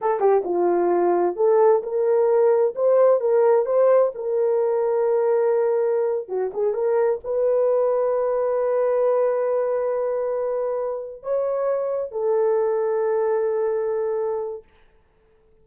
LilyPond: \new Staff \with { instrumentName = "horn" } { \time 4/4 \tempo 4 = 131 a'8 g'8 f'2 a'4 | ais'2 c''4 ais'4 | c''4 ais'2.~ | ais'4.~ ais'16 fis'8 gis'8 ais'4 b'16~ |
b'1~ | b'1~ | b'8 cis''2 a'4.~ | a'1 | }